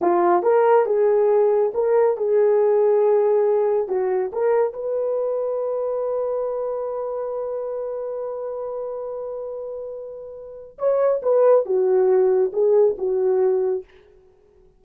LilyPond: \new Staff \with { instrumentName = "horn" } { \time 4/4 \tempo 4 = 139 f'4 ais'4 gis'2 | ais'4 gis'2.~ | gis'4 fis'4 ais'4 b'4~ | b'1~ |
b'1~ | b'1~ | b'4 cis''4 b'4 fis'4~ | fis'4 gis'4 fis'2 | }